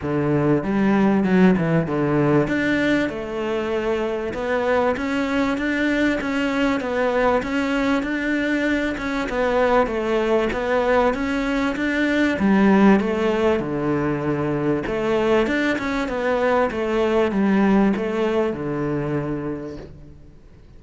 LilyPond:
\new Staff \with { instrumentName = "cello" } { \time 4/4 \tempo 4 = 97 d4 g4 fis8 e8 d4 | d'4 a2 b4 | cis'4 d'4 cis'4 b4 | cis'4 d'4. cis'8 b4 |
a4 b4 cis'4 d'4 | g4 a4 d2 | a4 d'8 cis'8 b4 a4 | g4 a4 d2 | }